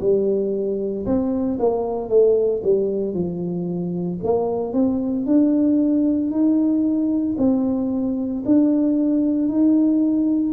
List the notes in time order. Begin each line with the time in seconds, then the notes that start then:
0.00 G3
1.06 C4
1.59 A#3
2.09 A3
2.63 G3
3.13 F3
4.23 A#3
4.73 C4
5.26 D4
6.31 D#4
7.38 C4
8.45 D4
9.48 D#4